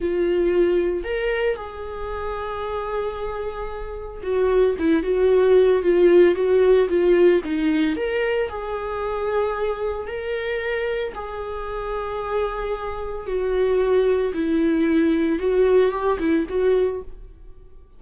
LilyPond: \new Staff \with { instrumentName = "viola" } { \time 4/4 \tempo 4 = 113 f'2 ais'4 gis'4~ | gis'1 | fis'4 e'8 fis'4. f'4 | fis'4 f'4 dis'4 ais'4 |
gis'2. ais'4~ | ais'4 gis'2.~ | gis'4 fis'2 e'4~ | e'4 fis'4 g'8 e'8 fis'4 | }